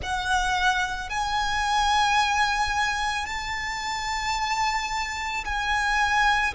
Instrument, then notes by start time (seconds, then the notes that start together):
violin
0.02 F#5
1.09 G#5
3.26 A5
5.44 G#5